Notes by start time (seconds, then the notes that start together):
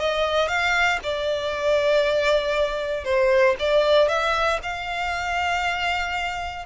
0.00 D#5
0.48 F5
1.03 D5
3.04 C5
3.59 D5
4.08 E5
4.62 F5